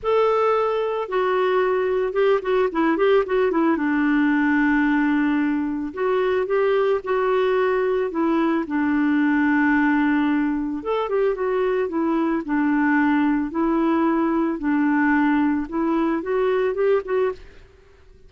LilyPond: \new Staff \with { instrumentName = "clarinet" } { \time 4/4 \tempo 4 = 111 a'2 fis'2 | g'8 fis'8 e'8 g'8 fis'8 e'8 d'4~ | d'2. fis'4 | g'4 fis'2 e'4 |
d'1 | a'8 g'8 fis'4 e'4 d'4~ | d'4 e'2 d'4~ | d'4 e'4 fis'4 g'8 fis'8 | }